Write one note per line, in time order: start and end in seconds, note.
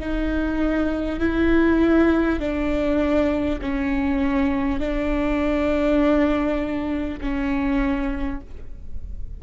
0.00 1.20 D#4
1.20 2.40 E4
2.40 3.60 D4
3.62 4.79 C#4
4.79 7.19 D4
7.21 8.41 C#4